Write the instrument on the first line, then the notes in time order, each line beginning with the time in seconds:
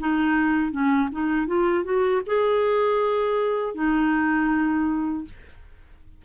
clarinet
0.00 D#4
0.72 C#4
1.12 D#4
1.47 F4
1.84 F#4
2.27 G#4
3.75 D#4